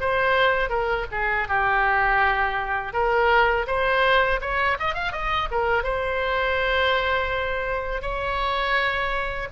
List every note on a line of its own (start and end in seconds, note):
0.00 0.69 C5
0.69 1.06 A#4
1.11 1.48 G#4
1.48 2.93 G4
2.93 3.66 A#4
3.67 4.40 C5
4.41 4.77 C#5
4.79 4.94 D#5
4.94 5.12 F5
5.12 5.48 D#5
5.51 5.83 A#4
5.83 8.02 C5
8.02 9.48 C#5